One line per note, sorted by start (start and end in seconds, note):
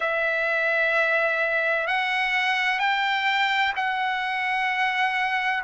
0.00 1.87 E5
1.87 2.79 F#5
2.79 3.73 G5
3.76 5.63 F#5